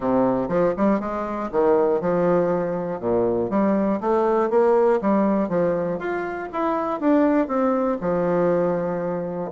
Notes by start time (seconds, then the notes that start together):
0.00 C3
0.48 F3
0.76 G3
1.00 G#3
1.51 D#3
2.00 F3
3.00 A#2
3.50 G3
4.00 A3
4.50 A#3
5.01 G3
5.48 F3
5.98 F4
6.52 E4
7.00 D4
7.47 C4
8.00 F3